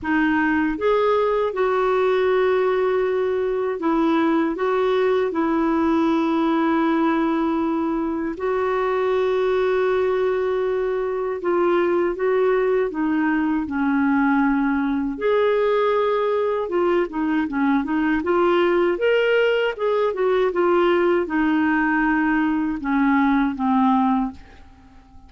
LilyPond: \new Staff \with { instrumentName = "clarinet" } { \time 4/4 \tempo 4 = 79 dis'4 gis'4 fis'2~ | fis'4 e'4 fis'4 e'4~ | e'2. fis'4~ | fis'2. f'4 |
fis'4 dis'4 cis'2 | gis'2 f'8 dis'8 cis'8 dis'8 | f'4 ais'4 gis'8 fis'8 f'4 | dis'2 cis'4 c'4 | }